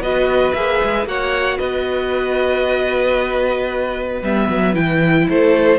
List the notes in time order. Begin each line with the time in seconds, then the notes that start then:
0.00 B3 F#4 B4 D#5
0.54 A#3 G#4 E5
0.83 G#3
1.05 A#3 F#4 C#5 F#5
1.58 B3 B4 D#5
4.22 G3 B3 E5
4.49 F#3
4.74 E3 E4 G5
5.30 A3 A4 C5